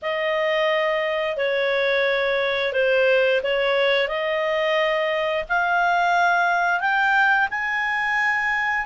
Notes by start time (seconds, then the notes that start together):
0.02 D#5
1.36 C#5
2.72 C5
3.43 C#5
4.08 D#5
5.49 F5
6.80 G5
7.50 G#5